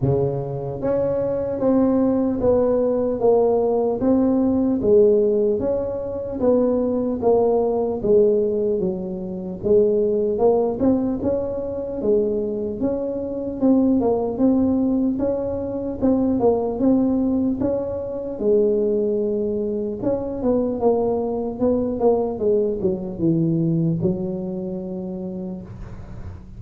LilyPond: \new Staff \with { instrumentName = "tuba" } { \time 4/4 \tempo 4 = 75 cis4 cis'4 c'4 b4 | ais4 c'4 gis4 cis'4 | b4 ais4 gis4 fis4 | gis4 ais8 c'8 cis'4 gis4 |
cis'4 c'8 ais8 c'4 cis'4 | c'8 ais8 c'4 cis'4 gis4~ | gis4 cis'8 b8 ais4 b8 ais8 | gis8 fis8 e4 fis2 | }